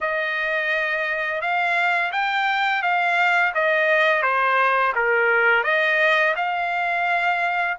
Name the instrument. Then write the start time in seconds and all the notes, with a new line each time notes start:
trumpet
0.01 D#5
1.41 F5
2.12 G5
2.82 F5
3.54 D#5
4.22 C5
4.95 A#4
5.63 D#5
6.36 F5